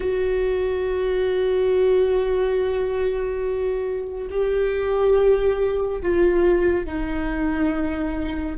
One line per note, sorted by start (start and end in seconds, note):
0.00 4.27 F#4
4.30 6.01 G4
6.02 6.85 F4
6.85 8.57 D#4